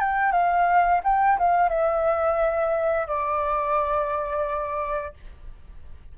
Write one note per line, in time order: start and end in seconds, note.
0.00 0.32 G5
0.32 1.01 F5
1.04 1.39 G5
1.39 1.69 F5
1.69 3.07 E5
3.07 5.14 D5